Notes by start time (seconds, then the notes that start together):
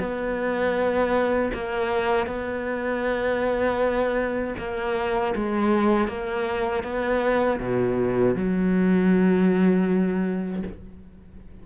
0.00 B3
1.54 A#3
2.27 B3
4.59 A#3
5.36 G#3
6.09 A#3
6.84 B3
7.60 B2
8.36 F#3